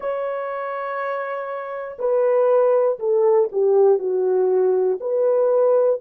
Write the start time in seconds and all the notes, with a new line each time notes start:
0.00 C#5
1.98 B4
2.99 A4
3.51 G4
3.99 F#4
5.00 B4